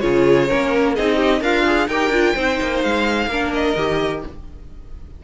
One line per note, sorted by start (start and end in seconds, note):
0.00 0.50 C#3
0.00 0.49 F4
0.00 0.48 G#4
0.00 0.94 C#5
0.48 0.98 A#3
0.48 0.96 C#4
0.48 0.95 A#4
0.95 1.41 C4
0.95 1.41 D#4
0.95 1.16 G#4
0.95 1.43 D#5
1.16 1.40 G4
1.41 1.88 D4
1.41 1.88 F4
1.41 1.64 A#4
1.41 1.89 F5
1.66 1.90 G#4
1.88 2.10 D#4
1.88 2.13 G4
1.88 2.35 A#4
1.88 2.82 G5
2.10 2.33 D4
2.10 2.36 F4
2.35 2.60 C4
2.35 3.30 D#4
2.35 3.29 C5
2.62 2.84 A#3
2.82 3.27 G#3
2.82 3.52 F5
3.27 3.74 A#3
3.27 3.78 D4
3.27 4.23 A#4
3.54 4.24 D#5
3.76 4.23 D#3
3.76 4.25 G4